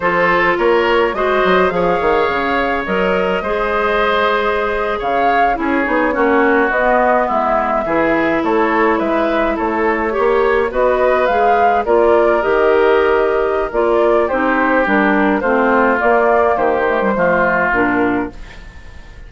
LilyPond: <<
  \new Staff \with { instrumentName = "flute" } { \time 4/4 \tempo 4 = 105 c''4 cis''4 dis''4 f''4~ | f''4 dis''2.~ | dis''8. f''4 cis''2 dis''16~ | dis''8. e''2 cis''4 e''16~ |
e''8. cis''2 dis''4 f''16~ | f''8. d''4 dis''2~ dis''16 | d''4 c''4 ais'4 c''4 | d''4 c''2 ais'4 | }
  \new Staff \with { instrumentName = "oboe" } { \time 4/4 a'4 ais'4 c''4 cis''4~ | cis''2 c''2~ | c''8. cis''4 gis'4 fis'4~ fis'16~ | fis'8. e'4 gis'4 a'4 b'16~ |
b'8. a'4 cis''4 b'4~ b'16~ | b'8. ais'2.~ ais'16~ | ais'4 g'2 f'4~ | f'4 g'4 f'2 | }
  \new Staff \with { instrumentName = "clarinet" } { \time 4/4 f'2 fis'4 gis'4~ | gis'4 ais'4 gis'2~ | gis'4.~ gis'16 e'8 dis'8 cis'4 b16~ | b4.~ b16 e'2~ e'16~ |
e'4.~ e'16 g'4 fis'4 gis'16~ | gis'8. f'4 g'2~ g'16 | f'4 dis'4 d'4 c'4 | ais4. a16 g16 a4 d'4 | }
  \new Staff \with { instrumentName = "bassoon" } { \time 4/4 f4 ais4 gis8 fis8 f8 dis8 | cis4 fis4 gis2~ | gis8. cis4 cis'8 b8 ais4 b16~ | b8. gis4 e4 a4 gis16~ |
gis8. a4 ais4 b4 gis16~ | gis8. ais4 dis2~ dis16 | ais4 c'4 g4 a4 | ais4 dis4 f4 ais,4 | }
>>